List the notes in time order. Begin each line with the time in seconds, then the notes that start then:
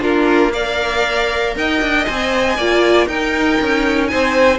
0.00 A#3 D4 F4 A#4
0.52 A#4 D5 F5
1.56 D#4 D#5 G5
1.81 D4
2.05 C4 C5 G#5
2.56 A#3 F4 D5
3.06 D#4 A#4 G5
3.61 C#4
4.07 C4 C5 G#5